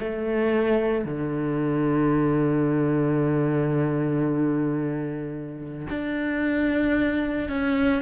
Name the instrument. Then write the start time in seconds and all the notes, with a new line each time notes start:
cello
0.00 A3
1.05 D3
5.90 D4
7.49 C#4